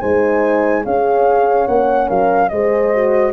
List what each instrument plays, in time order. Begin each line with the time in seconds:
0.00 tuba G#3, horn D#4 C5, flute G#5
0.84 tuba C#4, horn G#4 C#5, flute F5
1.67 tuba A#3, horn C#4, flute F#5
2.07 tuba F#3, horn A#4, flute F5
2.49 tuba G#3, horn G#4 C5, flute D#5
2.93 horn F#4